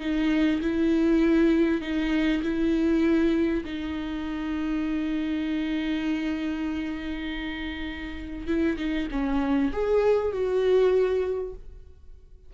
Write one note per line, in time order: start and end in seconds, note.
0.00 0.61 D#4
0.61 1.81 E4
1.81 2.42 D#4
2.43 3.64 E4
3.65 8.47 D#4
8.47 8.77 E4
8.77 9.08 D#4
9.11 9.72 C#4
9.72 10.32 G#4
10.32 11.53 F#4